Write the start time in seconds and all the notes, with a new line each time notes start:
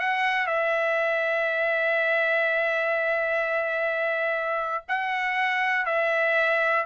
0.00 F#5
0.47 E5
4.89 F#5
5.86 E5